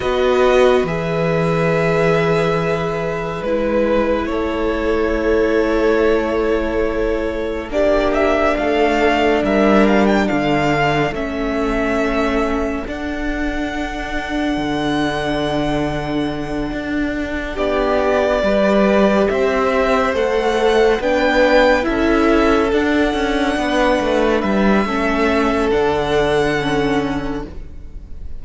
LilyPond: <<
  \new Staff \with { instrumentName = "violin" } { \time 4/4 \tempo 4 = 70 dis''4 e''2. | b'4 cis''2.~ | cis''4 d''8 e''8 f''4 e''8 f''16 g''16 | f''4 e''2 fis''4~ |
fis''1~ | fis''8 d''2 e''4 fis''8~ | fis''8 g''4 e''4 fis''4.~ | fis''8 e''4. fis''2 | }
  \new Staff \with { instrumentName = "violin" } { \time 4/4 b'1~ | b'4 a'2.~ | a'4 g'4 a'4 ais'4 | a'1~ |
a'1~ | a'8 g'4 b'4 c''4.~ | c''8 b'4 a'2 b'8~ | b'4 a'2. | }
  \new Staff \with { instrumentName = "viola" } { \time 4/4 fis'4 gis'2. | e'1~ | e'4 d'2.~ | d'4 cis'2 d'4~ |
d'1~ | d'4. g'2 a'8~ | a'8 d'4 e'4 d'4.~ | d'4 cis'4 d'4 cis'4 | }
  \new Staff \with { instrumentName = "cello" } { \time 4/4 b4 e2. | gis4 a2.~ | a4 ais4 a4 g4 | d4 a2 d'4~ |
d'4 d2~ d8 d'8~ | d'8 b4 g4 c'4 a8~ | a8 b4 cis'4 d'8 cis'8 b8 | a8 g8 a4 d2 | }
>>